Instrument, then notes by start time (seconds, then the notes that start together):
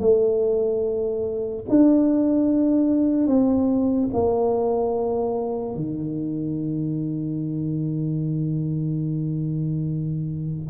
tuba
0.00 A3
1.69 D4
3.27 C4
4.13 A#3
5.75 D#3